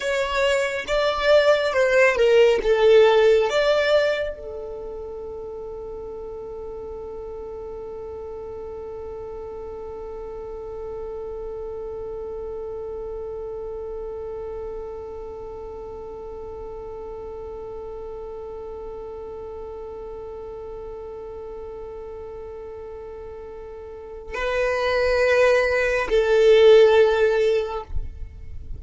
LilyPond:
\new Staff \with { instrumentName = "violin" } { \time 4/4 \tempo 4 = 69 cis''4 d''4 c''8 ais'8 a'4 | d''4 a'2.~ | a'1~ | a'1~ |
a'1~ | a'1~ | a'1 | b'2 a'2 | }